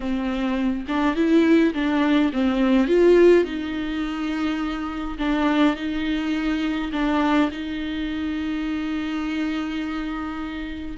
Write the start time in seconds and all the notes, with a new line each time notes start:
0.00 C4
0.88 D4
1.15 E4
1.73 D4
2.32 C4
2.87 F4
3.44 D#4
5.18 D4
5.75 D#4
6.92 D4
7.51 D#4